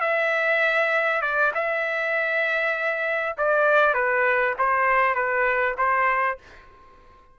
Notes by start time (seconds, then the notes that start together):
0.00 E5
1.21 D5
1.54 E5
3.37 D5
3.93 B4
4.58 C5
5.15 B4
5.77 C5